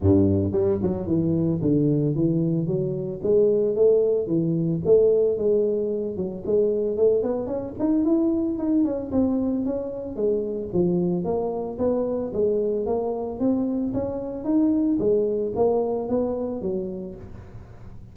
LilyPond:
\new Staff \with { instrumentName = "tuba" } { \time 4/4 \tempo 4 = 112 g,4 g8 fis8 e4 d4 | e4 fis4 gis4 a4 | e4 a4 gis4. fis8 | gis4 a8 b8 cis'8 dis'8 e'4 |
dis'8 cis'8 c'4 cis'4 gis4 | f4 ais4 b4 gis4 | ais4 c'4 cis'4 dis'4 | gis4 ais4 b4 fis4 | }